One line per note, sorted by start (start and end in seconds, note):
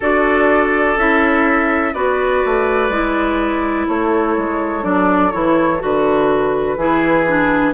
0.00 0.96 D4
0.00 0.97 F#4
0.00 1.93 A4
0.00 0.98 D5
0.96 1.93 C#4
0.96 1.94 E4
0.96 1.93 E5
1.93 2.43 B3
1.93 2.91 F#4
1.93 3.87 B4
1.93 3.87 D5
2.45 2.89 A3
2.89 3.85 G#3
2.89 4.82 E4
3.87 4.37 A3
3.87 6.77 A4
3.87 4.83 C#5
4.37 4.83 G#3
4.82 5.32 F#3
4.82 5.30 D4
4.82 5.31 D5
5.31 5.82 E3
5.31 5.79 E4
5.31 5.80 C#5
5.79 6.76 D3
5.79 6.76 F#4
5.79 7.73 B4
6.76 7.73 E3
6.76 7.26 E4
6.76 7.73 G#4
7.27 7.73 D4